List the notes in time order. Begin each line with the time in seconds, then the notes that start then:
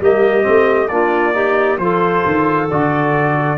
0.00 G3 A#3 G4 D#5
0.42 A3 C4
0.88 A#3 D4 F4 D5
1.33 D#4 G4
1.78 F3 F4 A4 C5
2.25 D#3
2.71 D3 F#4 D5